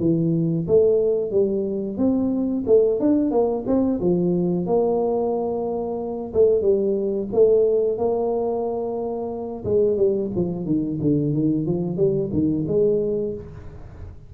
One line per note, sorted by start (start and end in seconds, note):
0.00 0.67 E3
0.68 1.31 A3
1.31 1.98 G3
1.98 2.64 C4
2.67 3.00 A3
3.00 3.31 D4
3.31 3.65 A#3
3.67 4.00 C4
4.00 4.66 F3
4.66 6.33 A#3
6.34 6.62 A3
6.62 7.28 G3
7.33 7.98 A3
7.98 9.65 A#3
9.65 9.97 G#3
9.97 10.31 G3
10.35 10.66 F3
10.66 10.99 D#3
11.02 11.34 D3
11.34 11.66 D#3
11.66 11.97 F3
11.97 12.31 G3
12.33 12.66 D#3
12.68 13.35 G#3